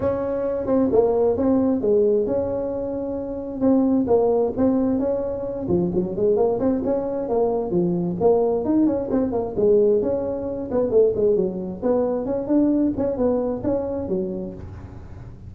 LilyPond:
\new Staff \with { instrumentName = "tuba" } { \time 4/4 \tempo 4 = 132 cis'4. c'8 ais4 c'4 | gis4 cis'2. | c'4 ais4 c'4 cis'4~ | cis'8 f8 fis8 gis8 ais8 c'8 cis'4 |
ais4 f4 ais4 dis'8 cis'8 | c'8 ais8 gis4 cis'4. b8 | a8 gis8 fis4 b4 cis'8 d'8~ | d'8 cis'8 b4 cis'4 fis4 | }